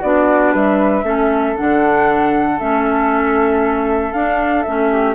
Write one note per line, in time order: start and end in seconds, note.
0.00 0.54 B3
0.00 1.03 D4
0.00 0.52 F#4
0.00 0.53 D5
0.52 1.03 G3
0.52 1.03 B4
0.52 1.56 E5
1.03 1.55 A3
1.03 1.55 C#4
1.03 4.90 A4
1.56 2.60 D3
1.56 2.59 D4
1.56 2.59 F#5
2.59 4.13 A3
2.59 4.13 C#4
2.59 4.12 E5
4.12 4.65 D4
4.12 4.62 F5
4.62 5.15 A3
4.62 5.15 C#4
4.62 5.14 E5
4.90 5.15 G4